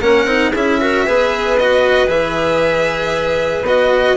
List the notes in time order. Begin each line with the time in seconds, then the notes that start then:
0.00 A#3 C#4 A#4 F#5
0.26 C4 D#4
0.52 C#4 E4 G#4 E5
0.81 F#4 A#4
1.06 B3 G#4 B4
1.58 F#4 D#5
2.08 E3 G#4 E5
3.62 B3 F#4 D#5